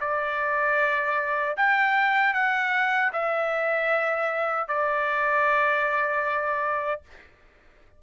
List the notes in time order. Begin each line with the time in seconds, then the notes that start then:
0.00 D5
1.57 G5
2.33 F#5
3.12 E5
4.68 D5